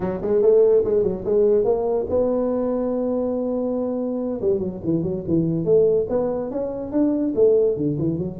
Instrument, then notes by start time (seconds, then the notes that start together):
tuba
0.00 F#3
0.21 G#3
0.42 A3
0.84 G#3
1.03 F#3
1.24 G#3
1.64 A#3
2.09 B3
4.41 G3
4.59 F#3
4.84 E3
5.02 F#3
5.27 E3
5.65 A3
6.09 B3
6.50 C#4
6.91 D4
7.35 A3
7.76 D3
7.98 E3
8.18 F#3